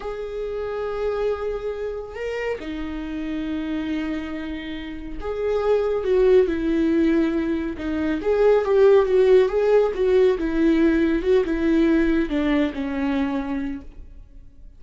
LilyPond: \new Staff \with { instrumentName = "viola" } { \time 4/4 \tempo 4 = 139 gis'1~ | gis'4 ais'4 dis'2~ | dis'1 | gis'2 fis'4 e'4~ |
e'2 dis'4 gis'4 | g'4 fis'4 gis'4 fis'4 | e'2 fis'8 e'4.~ | e'8 d'4 cis'2~ cis'8 | }